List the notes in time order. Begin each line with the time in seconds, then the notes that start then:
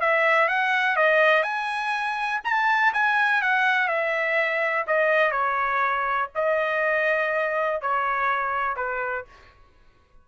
0.00 E5
0.48 F#5
0.96 D#5
1.43 G#5
2.44 A5
2.93 G#5
3.41 F#5
3.88 E5
4.87 D#5
5.31 C#5
6.35 D#5
7.81 C#5
8.76 B4